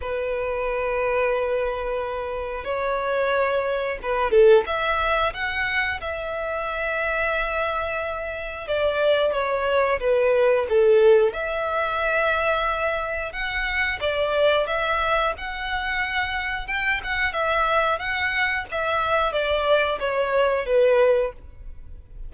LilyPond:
\new Staff \with { instrumentName = "violin" } { \time 4/4 \tempo 4 = 90 b'1 | cis''2 b'8 a'8 e''4 | fis''4 e''2.~ | e''4 d''4 cis''4 b'4 |
a'4 e''2. | fis''4 d''4 e''4 fis''4~ | fis''4 g''8 fis''8 e''4 fis''4 | e''4 d''4 cis''4 b'4 | }